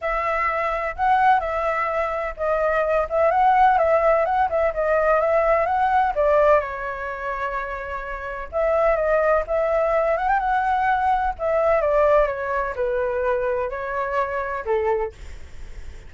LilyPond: \new Staff \with { instrumentName = "flute" } { \time 4/4 \tempo 4 = 127 e''2 fis''4 e''4~ | e''4 dis''4. e''8 fis''4 | e''4 fis''8 e''8 dis''4 e''4 | fis''4 d''4 cis''2~ |
cis''2 e''4 dis''4 | e''4. fis''16 g''16 fis''2 | e''4 d''4 cis''4 b'4~ | b'4 cis''2 a'4 | }